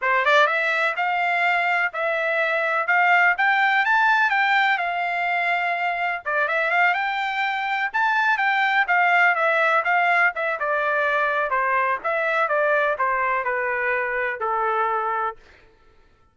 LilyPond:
\new Staff \with { instrumentName = "trumpet" } { \time 4/4 \tempo 4 = 125 c''8 d''8 e''4 f''2 | e''2 f''4 g''4 | a''4 g''4 f''2~ | f''4 d''8 e''8 f''8 g''4.~ |
g''8 a''4 g''4 f''4 e''8~ | e''8 f''4 e''8 d''2 | c''4 e''4 d''4 c''4 | b'2 a'2 | }